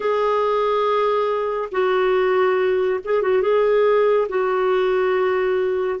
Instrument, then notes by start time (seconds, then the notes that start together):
clarinet
0.00 G#4
1.71 F#4
3.04 G#4
3.21 F#4
3.41 G#4
4.28 F#4